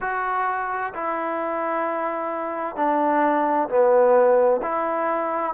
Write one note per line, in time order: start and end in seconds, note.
0.00 0.93 F#4
0.94 2.76 E4
2.76 3.68 D4
3.68 4.61 B3
4.62 5.53 E4